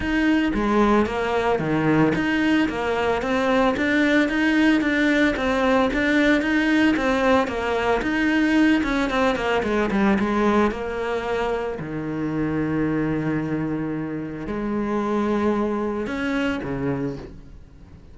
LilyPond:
\new Staff \with { instrumentName = "cello" } { \time 4/4 \tempo 4 = 112 dis'4 gis4 ais4 dis4 | dis'4 ais4 c'4 d'4 | dis'4 d'4 c'4 d'4 | dis'4 c'4 ais4 dis'4~ |
dis'8 cis'8 c'8 ais8 gis8 g8 gis4 | ais2 dis2~ | dis2. gis4~ | gis2 cis'4 cis4 | }